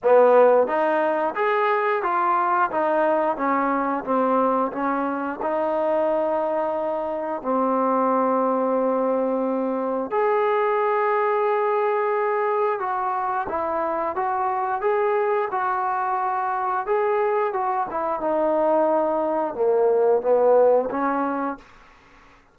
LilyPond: \new Staff \with { instrumentName = "trombone" } { \time 4/4 \tempo 4 = 89 b4 dis'4 gis'4 f'4 | dis'4 cis'4 c'4 cis'4 | dis'2. c'4~ | c'2. gis'4~ |
gis'2. fis'4 | e'4 fis'4 gis'4 fis'4~ | fis'4 gis'4 fis'8 e'8 dis'4~ | dis'4 ais4 b4 cis'4 | }